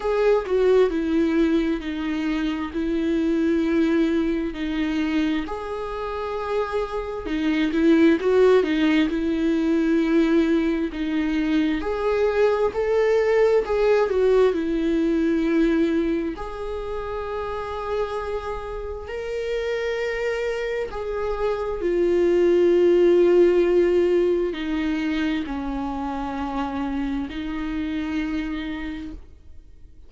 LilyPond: \new Staff \with { instrumentName = "viola" } { \time 4/4 \tempo 4 = 66 gis'8 fis'8 e'4 dis'4 e'4~ | e'4 dis'4 gis'2 | dis'8 e'8 fis'8 dis'8 e'2 | dis'4 gis'4 a'4 gis'8 fis'8 |
e'2 gis'2~ | gis'4 ais'2 gis'4 | f'2. dis'4 | cis'2 dis'2 | }